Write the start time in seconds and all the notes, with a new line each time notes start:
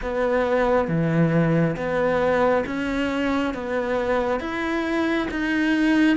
0.02 B3
0.87 E3
1.76 B3
2.66 C#4
3.54 B3
4.40 E4
5.31 D#4